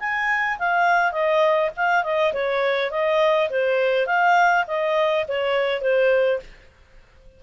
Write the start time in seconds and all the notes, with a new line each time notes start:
0.00 G#5
0.59 F5
1.12 D#5
1.77 F5
2.04 D#5
2.34 C#5
2.91 D#5
3.50 C5
4.07 F5
4.67 D#5
5.28 C#5
5.82 C5